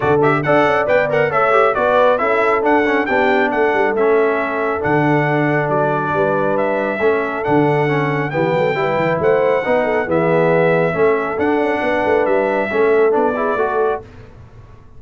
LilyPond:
<<
  \new Staff \with { instrumentName = "trumpet" } { \time 4/4 \tempo 4 = 137 d''8 e''8 fis''4 g''8 fis''8 e''4 | d''4 e''4 fis''4 g''4 | fis''4 e''2 fis''4~ | fis''4 d''2 e''4~ |
e''4 fis''2 g''4~ | g''4 fis''2 e''4~ | e''2 fis''2 | e''2 d''2 | }
  \new Staff \with { instrumentName = "horn" } { \time 4/4 a'4 d''2 cis''4 | b'4 a'2 g'4 | a'1~ | a'2 b'2 |
a'2. g'8 a'8 | b'4 c''4 b'8 a'8 gis'4~ | gis'4 a'2 b'4~ | b'4 a'4. gis'8 a'4 | }
  \new Staff \with { instrumentName = "trombone" } { \time 4/4 fis'8 g'8 a'4 b'8 ais'8 a'8 g'8 | fis'4 e'4 d'8 cis'8 d'4~ | d'4 cis'2 d'4~ | d'1 |
cis'4 d'4 cis'4 b4 | e'2 dis'4 b4~ | b4 cis'4 d'2~ | d'4 cis'4 d'8 e'8 fis'4 | }
  \new Staff \with { instrumentName = "tuba" } { \time 4/4 d4 d'8 cis'8 b4 a4 | b4 cis'4 d'4 b4 | a8 g8 a2 d4~ | d4 fis4 g2 |
a4 d2 e8 fis8 | g8 e8 a4 b4 e4~ | e4 a4 d'8 cis'8 b8 a8 | g4 a4 b4 a4 | }
>>